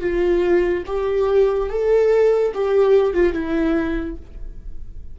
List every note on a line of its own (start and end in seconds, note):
0.00 0.83 F4
0.86 1.70 G4
1.70 2.53 A4
2.54 3.13 G4
3.13 3.33 F4
3.33 4.16 E4